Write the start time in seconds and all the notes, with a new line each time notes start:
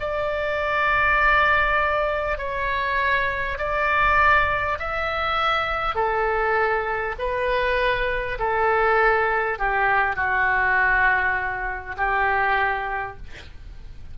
0.00 D5
2.38 C#5
3.58 D5
4.79 E5
5.96 A4
7.19 B4
8.39 A4
9.59 G4
10.16 F#4
11.98 G4